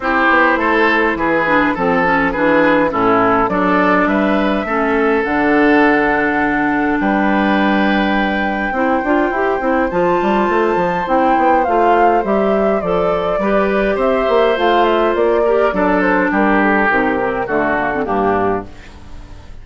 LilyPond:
<<
  \new Staff \with { instrumentName = "flute" } { \time 4/4 \tempo 4 = 103 c''2 b'4 a'4 | b'4 a'4 d''4 e''4~ | e''4 fis''2. | g''1~ |
g''4 a''2 g''4 | f''4 e''4 d''2 | e''4 f''8 e''8 d''4. c''8 | ais'8 a'8 ais'4 a'4 g'4 | }
  \new Staff \with { instrumentName = "oboe" } { \time 4/4 g'4 a'4 gis'4 a'4 | gis'4 e'4 a'4 b'4 | a'1 | b'2. c''4~ |
c''1~ | c''2. b'4 | c''2~ c''8 ais'8 a'4 | g'2 fis'4 d'4 | }
  \new Staff \with { instrumentName = "clarinet" } { \time 4/4 e'2~ e'8 d'8 c'8 cis'8 | d'4 cis'4 d'2 | cis'4 d'2.~ | d'2. e'8 f'8 |
g'8 e'8 f'2 e'4 | f'4 g'4 a'4 g'4~ | g'4 f'4. g'8 d'4~ | d'4 dis'8 c'8 a8 ais16 c'16 ais4 | }
  \new Staff \with { instrumentName = "bassoon" } { \time 4/4 c'8 b8 a4 e4 f4 | e4 a,4 fis4 g4 | a4 d2. | g2. c'8 d'8 |
e'8 c'8 f8 g8 a8 f8 c'8 b8 | a4 g4 f4 g4 | c'8 ais8 a4 ais4 fis4 | g4 c4 d4 g,4 | }
>>